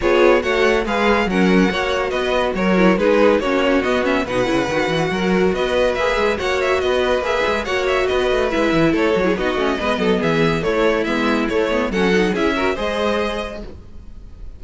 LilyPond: <<
  \new Staff \with { instrumentName = "violin" } { \time 4/4 \tempo 4 = 141 cis''4 fis''4 f''4 fis''4~ | fis''4 dis''4 cis''4 b'4 | cis''4 dis''8 e''8 fis''2~ | fis''4 dis''4 e''4 fis''8 e''8 |
dis''4 e''4 fis''8 e''8 dis''4 | e''4 cis''4 dis''2 | e''4 cis''4 e''4 cis''4 | fis''4 e''4 dis''2 | }
  \new Staff \with { instrumentName = "violin" } { \time 4/4 gis'4 cis''4 b'4 ais'4 | cis''4 b'4 ais'4 gis'4 | fis'2 b'2 | ais'4 b'2 cis''4 |
b'2 cis''4 b'4~ | b'4 a'8. gis'16 fis'4 b'8 a'8 | gis'4 e'2. | a'4 gis'8 ais'8 c''2 | }
  \new Staff \with { instrumentName = "viola" } { \time 4/4 f'4 fis'4 gis'4 cis'4 | fis'2~ fis'8 e'8 dis'4 | cis'4 b8 cis'8 dis'8 e'8 fis'4~ | fis'2 gis'4 fis'4~ |
fis'4 gis'4 fis'2 | e'4. fis'16 e'16 dis'8 cis'8 b4~ | b4 a4 b4 a8 b8 | cis'8 dis'8 e'8 fis'8 gis'2 | }
  \new Staff \with { instrumentName = "cello" } { \time 4/4 b4 a4 gis4 fis4 | ais4 b4 fis4 gis4 | ais4 b4 b,8 cis8 dis8 e8 | fis4 b4 ais8 gis8 ais4 |
b4 ais8 gis8 ais4 b8 a8 | gis8 e8 a8 fis8 b8 a8 gis8 fis8 | e4 a4 gis4 a4 | fis4 cis'4 gis2 | }
>>